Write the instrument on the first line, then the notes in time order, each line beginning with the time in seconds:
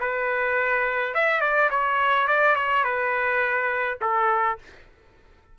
trumpet
0.00 B4
1.14 E5
1.41 D5
1.70 C#5
2.27 D5
2.56 C#5
2.84 B4
4.01 A4